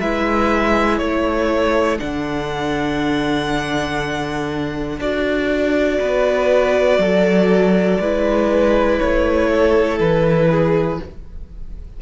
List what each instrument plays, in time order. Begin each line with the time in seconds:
0.00 cello G#3, viola E4, violin B4 E5
0.98 cello A3, violin A4 C#5
1.98 cello D3, viola D4, violin F#5
4.99 cello D4, viola F#4, violin D5
6.00 cello B3, violin B4
6.98 cello F#3, violin A4
8.00 cello G#3, viola E4, violin B4
8.99 cello A3, violin C#5
9.50 violin A4
9.99 cello E3, violin B4
10.50 violin G#4